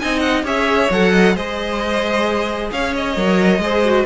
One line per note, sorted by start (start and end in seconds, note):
0.00 0.44 C4
0.00 0.44 D#4
0.00 0.45 D#5
0.00 0.20 G#5
0.20 0.42 F#5
0.44 0.89 C#4
0.44 0.89 G#4
0.44 1.12 C#5
0.44 0.92 E5
0.91 1.35 F#3
0.91 1.35 A4
0.91 1.36 F#5
1.12 1.34 D#5
1.35 2.71 G#3
1.35 3.15 G#4
1.35 2.71 C5
1.35 2.72 D#5
2.72 3.17 C#4
2.72 3.62 C#5
2.72 2.94 F5
2.96 4.06 D#5
3.17 3.58 F#3
3.17 3.62 A#4
3.58 4.04 G#3
3.58 3.85 G#4
3.58 4.06 C5
3.85 4.06 F#4